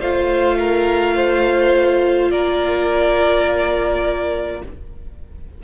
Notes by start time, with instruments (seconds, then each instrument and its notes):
0.00 cello A3, viola F4, violin C5 F5
0.59 violin A#4
1.16 violin C5
2.31 cello A#3, violin A#4 D5